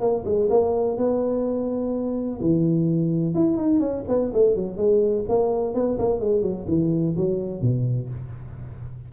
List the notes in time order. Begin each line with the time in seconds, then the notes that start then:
0.00 A#3
0.25 G#3
0.49 A#3
0.97 B3
2.40 E3
3.34 E4
3.57 D#4
3.80 C#4
4.08 B3
4.33 A3
4.55 F#3
4.77 G#3
5.29 A#3
5.74 B3
5.98 A#3
6.19 G#3
6.42 F#3
6.68 E3
7.17 F#3
7.61 B2